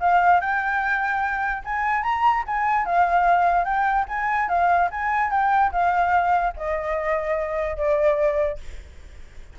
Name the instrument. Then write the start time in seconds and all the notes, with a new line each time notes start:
flute
0.00 F5
0.40 G5
1.65 G#5
2.03 A#5
2.46 G#5
2.85 F5
3.65 G5
4.08 G#5
4.49 F5
4.91 G#5
5.31 G5
5.72 F5
6.56 D#5
7.76 D5